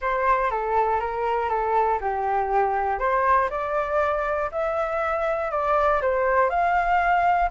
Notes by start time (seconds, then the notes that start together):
0.01 C5
0.50 A4
1.00 A#4
1.49 A4
2.00 G4
2.99 C5
3.50 D5
4.51 E5
5.51 D5
6.01 C5
6.49 F5